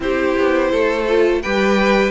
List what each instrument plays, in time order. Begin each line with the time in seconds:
0.00 cello C4, viola E4, violin G4 C5
0.37 cello B3
0.71 cello A3, violin A4
1.08 viola F4
1.42 cello G3, viola G4, violin B4 G5